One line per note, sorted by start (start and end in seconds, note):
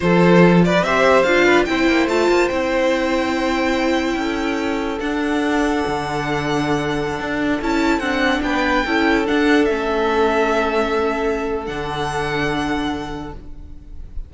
0.00 0.81 F3
0.00 0.80 F4
0.00 0.65 A4
0.00 0.62 C5
0.64 0.85 B4
0.64 0.83 D5
0.81 1.23 C4
0.81 1.26 G4
0.81 1.44 C5
0.81 1.22 E5
1.22 1.67 D4
1.22 1.67 F4
1.22 1.64 F5
1.44 1.65 B4
1.65 1.88 C4
1.65 2.09 E4
1.65 4.17 C5
1.65 2.07 G5
1.88 2.07 A#3
2.07 2.28 A3
2.07 2.50 F4
2.07 2.48 A5
2.29 2.49 A#3
2.48 4.15 C4
2.48 5.00 E4
2.48 4.98 G5
4.15 4.98 C#4
4.15 8.44 A4
5.00 5.84 D4
5.00 7.61 D4
5.00 7.60 F#5
5.86 7.19 D3
7.19 7.61 D4
7.61 7.99 C#4
7.61 8.01 E4
7.61 7.99 A5
7.99 8.40 C4
7.99 8.85 D4
7.99 8.41 F#5
8.41 8.83 B3
8.41 8.86 B4
8.41 9.26 G5
8.86 9.28 C#4
8.86 9.26 E4
8.86 13.33 A4
9.26 9.67 D4
9.26 9.69 D4
9.26 9.65 F#5
9.65 11.67 A3
9.65 11.66 C#4
9.65 11.62 E5
11.66 13.34 D3
11.66 13.33 D4
11.66 13.33 F#5